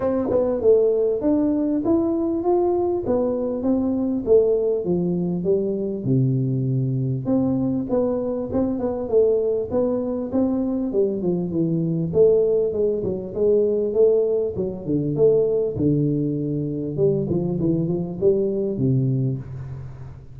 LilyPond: \new Staff \with { instrumentName = "tuba" } { \time 4/4 \tempo 4 = 99 c'8 b8 a4 d'4 e'4 | f'4 b4 c'4 a4 | f4 g4 c2 | c'4 b4 c'8 b8 a4 |
b4 c'4 g8 f8 e4 | a4 gis8 fis8 gis4 a4 | fis8 d8 a4 d2 | g8 f8 e8 f8 g4 c4 | }